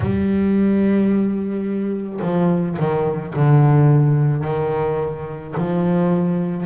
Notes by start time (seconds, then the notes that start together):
0.00 G3
2.21 F3
2.78 D#3
3.35 D3
4.43 D#3
5.57 F3